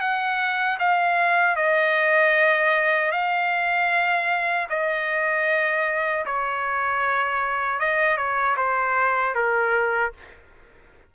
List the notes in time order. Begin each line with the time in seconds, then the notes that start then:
0.00 F#5
0.79 F5
1.56 D#5
3.12 F5
4.69 D#5
6.26 C#5
7.79 D#5
8.17 C#5
8.57 C5
9.34 A#4